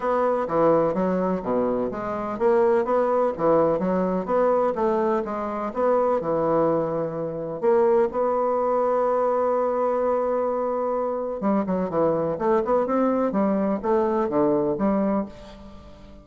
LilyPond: \new Staff \with { instrumentName = "bassoon" } { \time 4/4 \tempo 4 = 126 b4 e4 fis4 b,4 | gis4 ais4 b4 e4 | fis4 b4 a4 gis4 | b4 e2. |
ais4 b2.~ | b1 | g8 fis8 e4 a8 b8 c'4 | g4 a4 d4 g4 | }